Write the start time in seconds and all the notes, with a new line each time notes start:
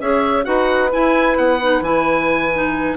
0.00 C#4 G#4 C#5 E5
0.43 D#4 F#4 B4 F#5
0.91 E4 G#5
1.37 B3 F#5
1.62 D#4
1.81 E3 E4 G#5
2.53 D#4